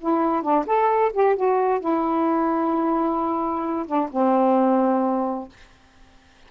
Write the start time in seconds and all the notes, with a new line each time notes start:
0.00 E4
0.42 D4
0.66 A4
1.13 G4
1.36 F#4
1.80 E4
3.86 D4
4.11 C4